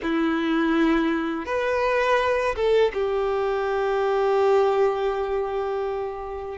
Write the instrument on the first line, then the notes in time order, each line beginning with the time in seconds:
violin
0.02 E4
1.45 B4
2.55 A4
2.93 G4